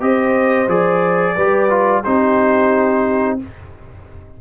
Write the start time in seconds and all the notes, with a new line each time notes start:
0.00 C4 G4 C5 D#5
0.67 F3 G#4 D5
1.35 G3 G4 B4
1.70 F4
2.03 C4 D#4 G4 C5